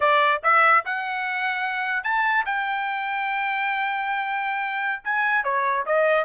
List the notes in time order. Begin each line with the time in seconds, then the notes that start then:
0.00 D5
0.43 E5
0.85 F#5
2.03 A5
2.45 G5
5.03 G#5
5.44 C#5
5.86 D#5